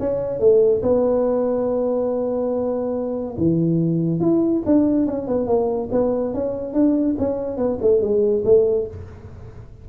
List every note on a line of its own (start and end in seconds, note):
0.00 0.40 C#4
0.40 0.82 A3
0.83 3.36 B3
3.38 4.20 E3
4.20 4.63 E4
4.66 5.06 D4
5.06 5.28 C#4
5.28 5.47 B3
5.47 5.89 A#3
5.92 6.34 B3
6.34 6.74 C#4
6.74 7.16 D4
7.19 7.57 C#4
7.57 7.78 B3
7.82 8.01 A3
8.01 8.44 G#3
8.45 8.88 A3